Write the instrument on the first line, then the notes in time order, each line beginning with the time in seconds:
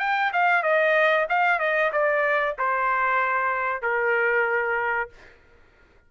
trumpet
0.00 G5
0.33 F5
0.63 D#5
1.29 F5
1.59 D#5
1.93 D5
2.59 C5
3.82 A#4